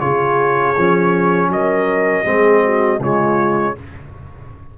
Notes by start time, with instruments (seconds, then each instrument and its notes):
0.00 tuba C#3, trombone F4, horn G#4, trumpet C#5
0.78 tuba F3, trombone C#4
1.49 tuba F#3, horn A#4, trumpet D#5
2.25 tuba G#3, trombone C4, horn G#4
2.64 horn F#4
3.00 tuba C#3, trombone G#3, horn F4, trumpet C#5